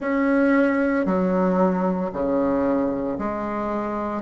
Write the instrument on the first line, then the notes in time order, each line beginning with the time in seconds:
bassoon
0.00 C#4
1.05 F#3
2.12 C#3
3.18 G#3